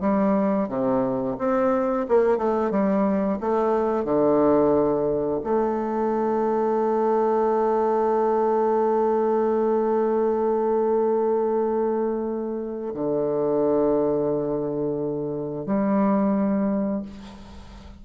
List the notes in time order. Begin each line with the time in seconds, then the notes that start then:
0.00 G3
0.68 C3
1.38 C4
2.08 A#3
2.37 A3
2.70 G3
3.40 A3
4.04 D3
5.43 A3
12.94 D3
15.66 G3